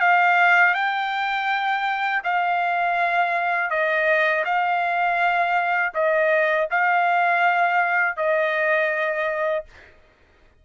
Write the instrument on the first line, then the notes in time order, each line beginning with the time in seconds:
trumpet
0.00 F5
0.74 G5
2.24 F5
3.70 D#5
4.45 F5
5.94 D#5
6.70 F5
8.16 D#5